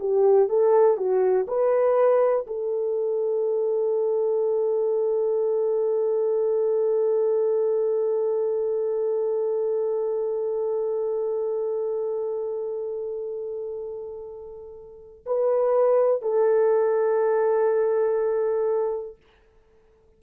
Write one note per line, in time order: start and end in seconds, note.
0.00 0.49 G4
0.50 0.97 A4
0.97 1.47 F#4
1.48 2.46 B4
2.47 15.26 A4
15.26 16.23 B4
16.23 19.18 A4